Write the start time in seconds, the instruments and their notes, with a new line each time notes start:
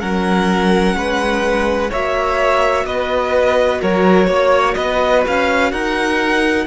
0.00 cello F#3, viola C#4, violin A#4 F#5
0.95 cello G#3, violin B4
1.90 cello A#3, viola F#4, violin C#5 E5
2.85 cello B3, violin B4 D#5
3.81 cello F#3, violin A#4 C#5
4.27 cello A#3, violin C#5
4.75 cello B3, violin B4 D#5
5.27 cello C#4, violin F5
5.72 cello D#4, violin A#4 F#5